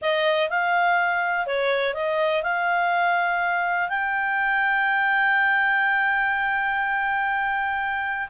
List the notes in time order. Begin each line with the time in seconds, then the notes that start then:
0.01 D#5
0.49 F5
1.46 C#5
1.94 D#5
2.43 F5
3.89 G5